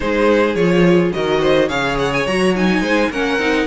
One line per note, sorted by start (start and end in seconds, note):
0.00 0.55 G#3
0.00 0.56 D#4
0.00 1.14 G#4
0.00 0.55 C5
0.55 1.11 F3
0.55 1.13 F4
0.55 1.11 C#5
1.12 1.70 D#3
1.12 1.69 F#4
1.12 1.41 A#4
1.12 1.68 D#5
1.41 1.68 C5
1.68 2.26 C#3
1.68 2.26 G#4
1.68 2.81 C#5
1.68 1.97 F5
1.98 2.13 F#5
2.13 2.26 G#5
2.26 2.81 F#3
2.26 2.55 F#4
2.26 2.55 A#5
2.55 3.11 D#4
2.55 3.12 G#5
2.81 3.09 G#3
2.81 3.10 C5
3.10 3.37 A#3
3.10 3.39 C#4
3.10 3.67 A#4
3.10 3.67 F#5
3.37 3.66 C4
3.37 3.67 D#4